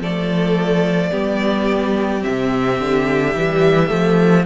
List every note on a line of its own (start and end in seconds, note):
0.00 1.11 F3
0.00 1.12 A3
0.00 1.11 A4
0.00 2.23 D5
1.11 2.25 G3
1.11 2.21 B3
1.11 4.44 G4
2.21 3.32 C4
2.21 4.45 E5
2.28 2.81 C3
2.81 3.35 D3
3.35 3.91 E3
3.35 3.87 G3
3.87 4.46 F3
3.87 4.42 A3